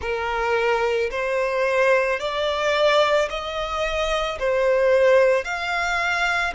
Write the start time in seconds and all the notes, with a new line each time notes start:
0.00 A#4
1.11 C5
2.19 D5
3.29 D#5
4.39 C5
5.44 F5